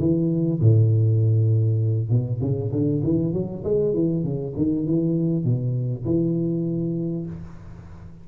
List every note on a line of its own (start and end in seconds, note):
0.00 0.61 E3
0.61 2.10 A2
2.10 2.41 B2
2.41 2.72 C#3
2.72 3.03 D3
3.04 3.34 E3
3.34 3.64 F#3
3.64 3.94 G#3
3.94 4.24 E3
4.24 4.55 C#3
4.57 4.87 D#3
4.87 5.45 E3
5.45 6.05 B2
6.06 7.27 E3